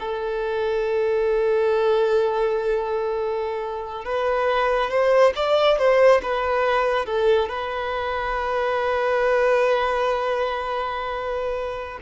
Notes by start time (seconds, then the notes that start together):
0.00 A4
4.05 B4
4.91 C5
5.36 D5
5.79 C5
6.23 B4
7.06 A4
7.49 B4